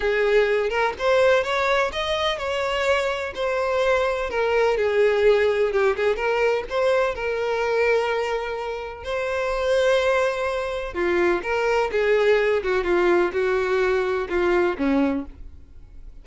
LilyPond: \new Staff \with { instrumentName = "violin" } { \time 4/4 \tempo 4 = 126 gis'4. ais'8 c''4 cis''4 | dis''4 cis''2 c''4~ | c''4 ais'4 gis'2 | g'8 gis'8 ais'4 c''4 ais'4~ |
ais'2. c''4~ | c''2. f'4 | ais'4 gis'4. fis'8 f'4 | fis'2 f'4 cis'4 | }